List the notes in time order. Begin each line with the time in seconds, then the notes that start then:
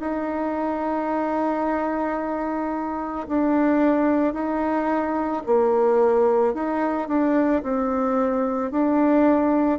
0.00 D#4
3.28 D4
4.34 D#4
5.46 A#3
6.54 D#4
7.08 D4
7.63 C4
8.72 D4